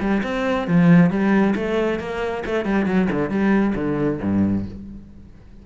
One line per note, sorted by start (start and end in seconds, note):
0.00 0.22 G3
0.23 0.67 C4
0.67 1.10 F3
1.10 1.54 G3
1.55 1.99 A3
1.99 2.43 A#3
2.46 2.65 A3
2.65 2.85 G3
2.85 3.07 F#3
3.11 3.29 D3
3.29 3.74 G3
3.75 4.19 D3
4.21 4.65 G2